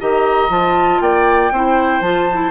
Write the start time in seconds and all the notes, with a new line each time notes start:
0.00 D#3 G4 D#5 A#5
0.49 F3 F4 A5
1.01 A#3 D5 G5
1.51 C4 E4 C5
2.01 F3 F4 A5
2.33 E4